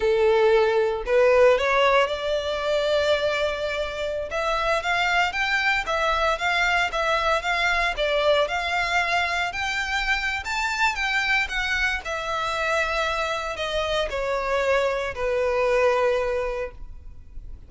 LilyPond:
\new Staff \with { instrumentName = "violin" } { \time 4/4 \tempo 4 = 115 a'2 b'4 cis''4 | d''1~ | d''16 e''4 f''4 g''4 e''8.~ | e''16 f''4 e''4 f''4 d''8.~ |
d''16 f''2 g''4.~ g''16 | a''4 g''4 fis''4 e''4~ | e''2 dis''4 cis''4~ | cis''4 b'2. | }